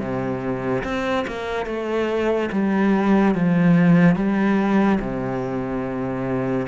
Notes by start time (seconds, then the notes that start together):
0.00 C3
0.84 C4
1.28 A#3
1.66 A3
2.52 G3
3.35 F3
4.16 G3
5.01 C3